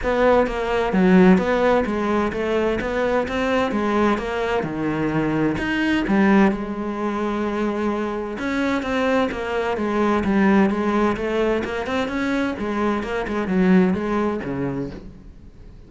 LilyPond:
\new Staff \with { instrumentName = "cello" } { \time 4/4 \tempo 4 = 129 b4 ais4 fis4 b4 | gis4 a4 b4 c'4 | gis4 ais4 dis2 | dis'4 g4 gis2~ |
gis2 cis'4 c'4 | ais4 gis4 g4 gis4 | a4 ais8 c'8 cis'4 gis4 | ais8 gis8 fis4 gis4 cis4 | }